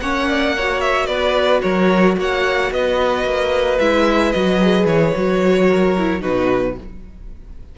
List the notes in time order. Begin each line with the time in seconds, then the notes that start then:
0.00 A#3 C#4 C#5 F#5
0.28 D5
0.56 F#4 C#5
0.81 E5
1.06 B3 B4 D5
1.61 F#3 A#4 C#5
2.17 A#3 C#5 F#5
2.71 B3 B4 D#5
3.24 A#3
3.79 G#3 E4 E5
4.32 F#3 F#4 D#5
4.61 G#4
4.85 E3 C#5
5.15 F#3 F#4
5.67 A#4
5.97 E4
6.20 B2 D#4 F#4 B4